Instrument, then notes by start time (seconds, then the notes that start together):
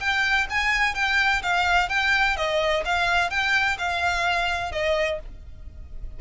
violin
0.00 G5
0.50 G#5
0.95 G5
1.43 F5
1.90 G5
2.37 D#5
2.85 F5
3.31 G5
3.79 F5
4.72 D#5